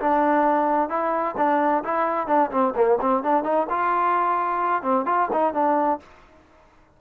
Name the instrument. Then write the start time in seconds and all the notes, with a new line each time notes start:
trombone
0.00 D4
0.89 E4
1.37 D4
1.84 E4
2.27 D4
2.51 C4
2.75 A#3
3.00 C4
3.23 D4
3.43 D#4
3.69 F4
4.82 C4
5.05 F4
5.32 D#4
5.53 D4